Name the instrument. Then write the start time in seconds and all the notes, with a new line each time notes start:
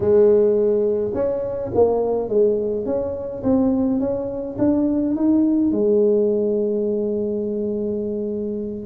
tuba
0.00 G#3
1.14 C#4
1.74 A#3
2.28 G#3
2.85 C#4
3.43 C4
3.99 C#4
4.58 D4
5.15 D#4
5.71 G#3